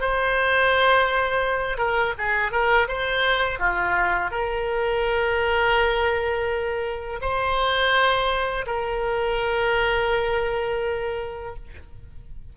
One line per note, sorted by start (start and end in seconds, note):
0.00 1.77 C5
1.77 2.13 A#4
2.18 2.51 G#4
2.51 2.87 A#4
2.88 3.59 C5
3.59 4.30 F4
4.30 7.20 A#4
7.21 8.65 C5
8.66 11.55 A#4